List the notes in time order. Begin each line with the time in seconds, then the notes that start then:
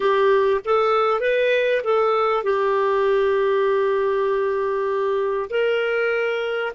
0.00 G4
0.64 A4
1.20 B4
1.84 A4
2.43 G4
5.50 A#4